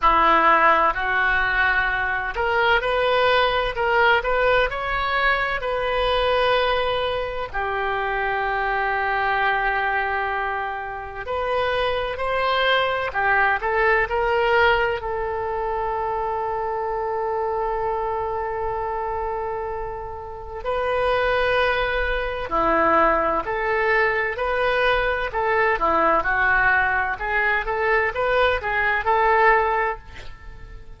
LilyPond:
\new Staff \with { instrumentName = "oboe" } { \time 4/4 \tempo 4 = 64 e'4 fis'4. ais'8 b'4 | ais'8 b'8 cis''4 b'2 | g'1 | b'4 c''4 g'8 a'8 ais'4 |
a'1~ | a'2 b'2 | e'4 a'4 b'4 a'8 e'8 | fis'4 gis'8 a'8 b'8 gis'8 a'4 | }